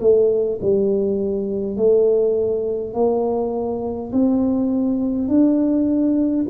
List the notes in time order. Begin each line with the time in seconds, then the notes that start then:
0.00 A3
0.61 G3
1.76 A3
2.94 A#3
4.12 C4
5.28 D4